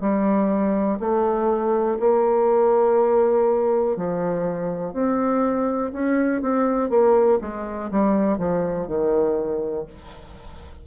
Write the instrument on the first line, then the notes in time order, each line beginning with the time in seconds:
bassoon
0.00 G3
0.99 A3
1.99 A#3
3.97 F3
4.93 C4
5.92 C#4
6.42 C4
6.89 A#3
7.41 G#3
7.90 G3
8.38 F3
8.87 D#3